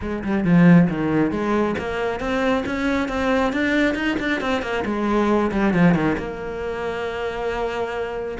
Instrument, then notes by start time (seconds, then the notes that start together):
cello
0.01 G#3
0.23 G3
0.44 F3
0.89 D#3
1.31 G#3
1.78 A#3
2.19 C4
2.66 C#4
3.08 C4
3.52 D4
3.94 D#4
4.19 D4
4.40 C4
4.61 A#3
4.85 G#3
5.51 G3
5.73 F3
5.94 D#3
6.17 A#3